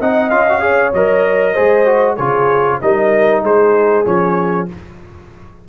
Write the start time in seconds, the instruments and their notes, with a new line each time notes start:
0.00 tuba C4, trombone D#4, horn D#5, trumpet F#5
0.29 tuba C#4, trombone F4, trumpet F5
0.49 trombone F#4
0.60 trombone G#4, horn C#5
0.93 tuba F#3, trombone A#4, trumpet D#5
1.53 tuba G#3, trombone G#4, horn C5
1.86 trombone F#4
2.15 tuba C#3, trombone F4, horn G#4, trumpet C#5
2.81 tuba G3, trombone D#4, horn A#4, trumpet D#5
3.43 tuba G#3, horn G#4, trumpet C5
4.05 tuba F3, trombone C#4, trumpet C#5